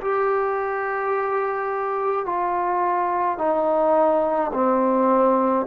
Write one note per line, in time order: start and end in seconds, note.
0.00 2.25 G4
2.25 3.38 F4
3.38 4.51 D#4
4.53 5.66 C4